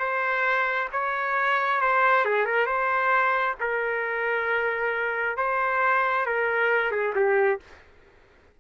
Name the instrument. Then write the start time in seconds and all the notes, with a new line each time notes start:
trumpet
0.00 C5
0.92 C#5
1.81 C5
2.25 G#4
2.46 A#4
2.67 C5
3.60 A#4
5.38 C5
6.26 A#4
6.92 G#4
7.16 G4